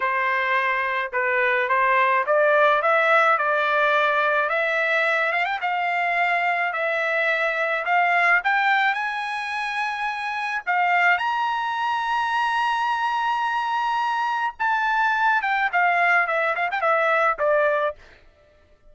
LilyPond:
\new Staff \with { instrumentName = "trumpet" } { \time 4/4 \tempo 4 = 107 c''2 b'4 c''4 | d''4 e''4 d''2 | e''4. f''16 g''16 f''2 | e''2 f''4 g''4 |
gis''2. f''4 | ais''1~ | ais''2 a''4. g''8 | f''4 e''8 f''16 g''16 e''4 d''4 | }